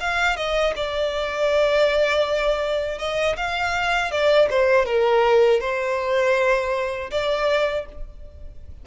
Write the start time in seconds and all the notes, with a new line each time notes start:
0.00 F5
0.36 D#5
0.76 D5
2.98 D#5
3.36 F5
4.11 D5
4.50 C5
4.85 A#4
5.60 C5
7.10 D5